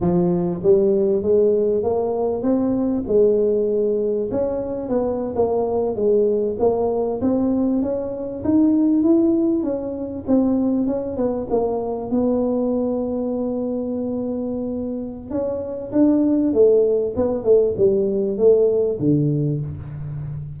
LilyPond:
\new Staff \with { instrumentName = "tuba" } { \time 4/4 \tempo 4 = 98 f4 g4 gis4 ais4 | c'4 gis2 cis'4 | b8. ais4 gis4 ais4 c'16~ | c'8. cis'4 dis'4 e'4 cis'16~ |
cis'8. c'4 cis'8 b8 ais4 b16~ | b1~ | b4 cis'4 d'4 a4 | b8 a8 g4 a4 d4 | }